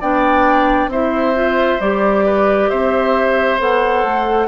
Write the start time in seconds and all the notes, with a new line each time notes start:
0.00 B3 D4 D5 G5
0.87 C4 E4 C5 E5
1.34 F4
1.80 G3 G4 D5
2.25 B4
2.69 C4 C5 E5
3.59 B3 A4 F#5
4.03 A3